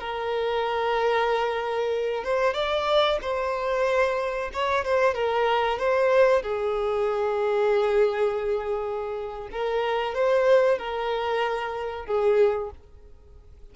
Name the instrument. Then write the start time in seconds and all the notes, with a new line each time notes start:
violin
0.00 A#4
2.24 C5
2.54 D5
3.22 C5
4.53 C#5
4.85 C5
5.15 A#4
5.79 C5
6.43 G#4
9.52 A#4
10.15 C5
10.79 A#4
12.06 G#4